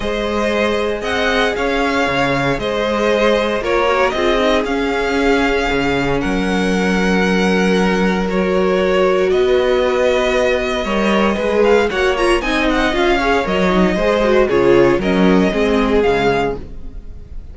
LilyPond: <<
  \new Staff \with { instrumentName = "violin" } { \time 4/4 \tempo 4 = 116 dis''2 fis''4 f''4~ | f''4 dis''2 cis''4 | dis''4 f''2. | fis''1 |
cis''2 dis''2~ | dis''2~ dis''8 f''8 fis''8 ais''8 | gis''8 fis''8 f''4 dis''2 | cis''4 dis''2 f''4 | }
  \new Staff \with { instrumentName = "violin" } { \time 4/4 c''2 dis''4 cis''4~ | cis''4 c''2 ais'4 | gis'1 | ais'1~ |
ais'2 b'2~ | b'4 cis''4 b'4 cis''4 | dis''4. cis''4. c''4 | gis'4 ais'4 gis'2 | }
  \new Staff \with { instrumentName = "viola" } { \time 4/4 gis'1~ | gis'2. f'8 fis'8 | f'8 dis'8 cis'2.~ | cis'1 |
fis'1~ | fis'4 ais'4 gis'4 fis'8 f'8 | dis'4 f'8 gis'8 ais'8 dis'8 gis'8 fis'8 | f'4 cis'4 c'4 gis4 | }
  \new Staff \with { instrumentName = "cello" } { \time 4/4 gis2 c'4 cis'4 | cis4 gis2 ais4 | c'4 cis'2 cis4 | fis1~ |
fis2 b2~ | b4 g4 gis4 ais4 | c'4 cis'4 fis4 gis4 | cis4 fis4 gis4 cis4 | }
>>